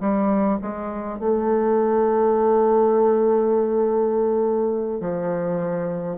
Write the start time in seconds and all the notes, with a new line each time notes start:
0.00 G3
0.61 G#3
1.18 A3
5.00 F3